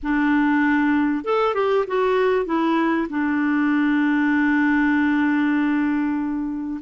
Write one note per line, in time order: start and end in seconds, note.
0.03 1.24 D4
1.24 1.54 A4
1.54 1.85 G4
1.87 2.45 F#4
2.45 3.07 E4
3.09 6.80 D4